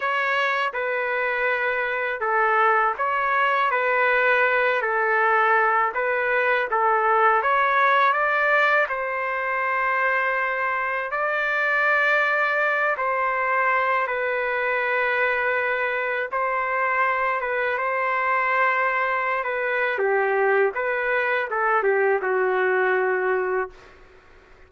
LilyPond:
\new Staff \with { instrumentName = "trumpet" } { \time 4/4 \tempo 4 = 81 cis''4 b'2 a'4 | cis''4 b'4. a'4. | b'4 a'4 cis''4 d''4 | c''2. d''4~ |
d''4. c''4. b'4~ | b'2 c''4. b'8 | c''2~ c''16 b'8. g'4 | b'4 a'8 g'8 fis'2 | }